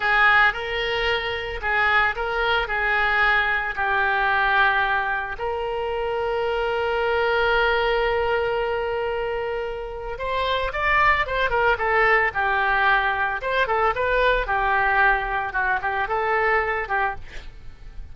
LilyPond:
\new Staff \with { instrumentName = "oboe" } { \time 4/4 \tempo 4 = 112 gis'4 ais'2 gis'4 | ais'4 gis'2 g'4~ | g'2 ais'2~ | ais'1~ |
ais'2. c''4 | d''4 c''8 ais'8 a'4 g'4~ | g'4 c''8 a'8 b'4 g'4~ | g'4 fis'8 g'8 a'4. g'8 | }